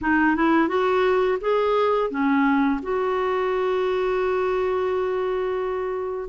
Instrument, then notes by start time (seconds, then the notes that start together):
clarinet
0.01 D#4
0.36 E4
0.68 F#4
1.40 G#4
2.10 C#4
2.82 F#4